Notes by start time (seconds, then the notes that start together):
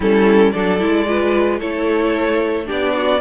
0.00 G3 C#4 E4 A4
0.51 F#3 D4 A4 D5
0.79 G#3 E4
1.07 F4 B4
1.59 A3 E4 A4 C#5
2.65 B3 D4 G4 D5
2.96 F#4